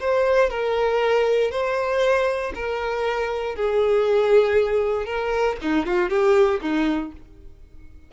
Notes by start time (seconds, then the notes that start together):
0.00 C5
0.50 A#4
1.51 C5
2.55 A#4
3.56 G#4
5.06 A#4
5.62 D#4
5.86 F4
6.10 G4
6.61 D#4